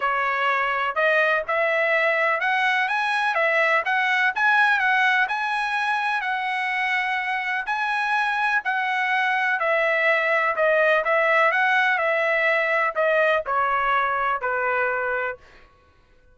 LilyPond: \new Staff \with { instrumentName = "trumpet" } { \time 4/4 \tempo 4 = 125 cis''2 dis''4 e''4~ | e''4 fis''4 gis''4 e''4 | fis''4 gis''4 fis''4 gis''4~ | gis''4 fis''2. |
gis''2 fis''2 | e''2 dis''4 e''4 | fis''4 e''2 dis''4 | cis''2 b'2 | }